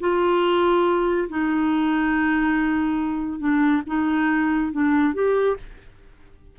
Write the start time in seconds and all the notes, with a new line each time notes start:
0.00 F4
1.29 D#4
3.40 D4
3.87 D#4
4.72 D4
5.14 G4